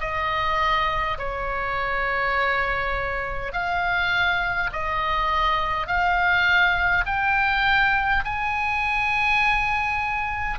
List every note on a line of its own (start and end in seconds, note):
0.00 1.18 D#5
1.18 3.52 C#5
3.52 4.70 F5
4.73 5.87 D#5
5.87 7.05 F5
7.06 8.24 G5
8.25 10.59 G#5